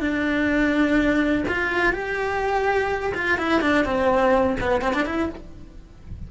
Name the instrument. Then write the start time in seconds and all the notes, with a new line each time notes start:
cello
0.00 D4
1.48 F4
1.93 G4
3.14 F4
3.38 E4
3.61 D4
3.85 C4
4.60 B3
4.82 C4
4.94 D4
5.06 E4